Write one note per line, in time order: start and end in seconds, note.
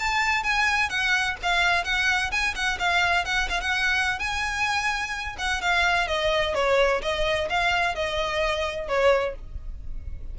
0.00 0.44 A5
0.44 0.90 G#5
0.90 1.37 F#5
1.43 1.85 F5
1.85 2.31 F#5
2.32 2.55 G#5
2.55 2.79 F#5
2.79 3.26 F5
3.26 3.49 F#5
3.49 3.61 F5
3.61 4.19 F#5
4.19 5.37 G#5
5.39 5.62 F#5
5.62 6.08 F5
6.08 6.55 D#5
6.55 7.02 C#5
7.02 7.49 D#5
7.50 7.95 F5
7.95 8.88 D#5
8.88 9.35 C#5